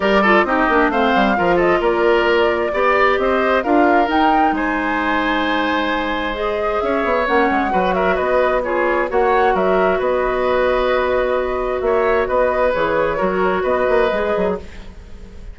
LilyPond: <<
  \new Staff \with { instrumentName = "flute" } { \time 4/4 \tempo 4 = 132 d''4 dis''4 f''4. dis''8 | d''2. dis''4 | f''4 g''4 gis''2~ | gis''2 dis''4 e''4 |
fis''4. e''8 dis''4 cis''4 | fis''4 e''4 dis''2~ | dis''2 e''4 dis''4 | cis''2 dis''2 | }
  \new Staff \with { instrumentName = "oboe" } { \time 4/4 ais'8 a'8 g'4 c''4 ais'8 a'8 | ais'2 d''4 c''4 | ais'2 c''2~ | c''2. cis''4~ |
cis''4 b'8 ais'8 b'4 gis'4 | cis''4 ais'4 b'2~ | b'2 cis''4 b'4~ | b'4 ais'4 b'2 | }
  \new Staff \with { instrumentName = "clarinet" } { \time 4/4 g'8 f'8 dis'8 d'8 c'4 f'4~ | f'2 g'2 | f'4 dis'2.~ | dis'2 gis'2 |
cis'4 fis'2 f'4 | fis'1~ | fis'1 | gis'4 fis'2 gis'4 | }
  \new Staff \with { instrumentName = "bassoon" } { \time 4/4 g4 c'8 ais8 a8 g8 f4 | ais2 b4 c'4 | d'4 dis'4 gis2~ | gis2. cis'8 b8 |
ais8 gis8 fis4 b2 | ais4 fis4 b2~ | b2 ais4 b4 | e4 fis4 b8 ais8 gis8 fis8 | }
>>